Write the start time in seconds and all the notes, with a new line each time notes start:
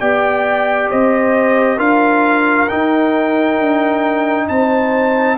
0.00 B3 G4 D5 G5
0.90 C4 C5 D#5
1.77 D4 F4 A#4 F5
2.68 D#4 G5
3.59 D4
4.48 C4 C5 A5